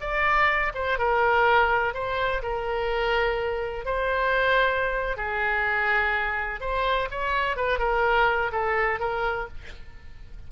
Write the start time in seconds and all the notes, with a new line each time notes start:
0.00 D5
0.74 C5
0.98 A#4
1.94 C5
2.42 A#4
3.85 C5
5.16 G#4
6.60 C5
7.10 C#5
7.56 B4
7.79 A#4
8.52 A4
8.99 A#4